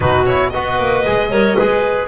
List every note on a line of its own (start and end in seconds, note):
0.00 0.53 B2
0.00 0.26 D#4
0.00 0.52 F#4
0.00 0.25 B4
0.25 0.52 E4
0.25 0.50 C#5
0.50 0.78 B3
0.50 1.05 F#4
0.50 1.30 B4
0.50 2.06 D#5
0.78 1.04 A#3
1.05 1.29 G#3
1.05 1.31 G#4
1.29 1.55 G3
1.29 1.57 A#4
1.29 1.56 C#5
1.56 2.08 G#3
1.56 2.08 G#4
1.56 2.08 B4